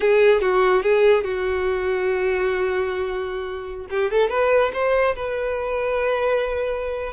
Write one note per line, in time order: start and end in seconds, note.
0.00 0.41 G#4
0.41 0.82 F#4
0.82 1.24 G#4
1.24 3.86 F#4
3.90 4.10 G4
4.10 4.29 A4
4.29 4.71 B4
4.73 5.15 C5
5.15 7.13 B4